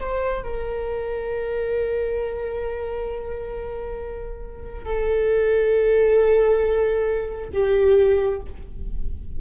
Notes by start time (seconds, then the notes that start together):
0.00 C5
0.44 A#4
4.85 A4
7.52 G4